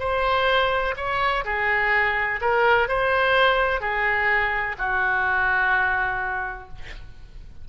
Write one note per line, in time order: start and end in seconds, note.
0.00 0.95 C5
0.97 1.45 C#5
1.45 2.41 G#4
2.42 2.89 A#4
2.89 3.81 C5
3.81 4.77 G#4
4.79 6.69 F#4